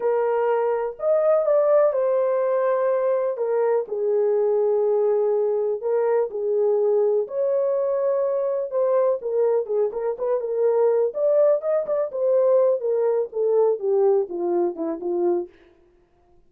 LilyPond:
\new Staff \with { instrumentName = "horn" } { \time 4/4 \tempo 4 = 124 ais'2 dis''4 d''4 | c''2. ais'4 | gis'1 | ais'4 gis'2 cis''4~ |
cis''2 c''4 ais'4 | gis'8 ais'8 b'8 ais'4. d''4 | dis''8 d''8 c''4. ais'4 a'8~ | a'8 g'4 f'4 e'8 f'4 | }